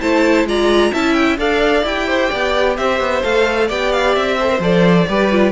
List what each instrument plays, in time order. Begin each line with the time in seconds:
0.00 cello A3, viola E4, violin C5 A5
0.45 cello G#3, viola F4, violin D5 A#5
0.92 cello C#4, viola E4, violin E5 A5
1.13 violin G5
1.38 cello D4, viola A4, violin D5 F5
1.83 cello E4, viola G4, violin G5
2.07 violin C5
2.30 cello B3, violin D5
2.77 cello C4, violin C5 E5
3.00 cello B3
3.23 cello A3, viola A4, violin F5
3.67 cello B3, viola G4, violin D5 G5
3.92 violin F5
4.15 cello C4, violin E5
4.38 viola A4, violin C5
4.48 viola A#4
4.59 cello F3, viola A4, violin D5
5.08 cello G3, viola G4, violin B4
5.31 viola F4